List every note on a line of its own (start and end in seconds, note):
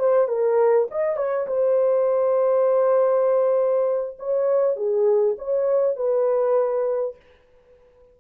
0.00 0.28 C5
0.28 0.88 A#4
0.91 1.17 D#5
1.17 1.47 C#5
1.48 4.18 C5
4.19 4.76 C#5
4.76 5.36 G#4
5.39 5.97 C#5
5.97 7.17 B4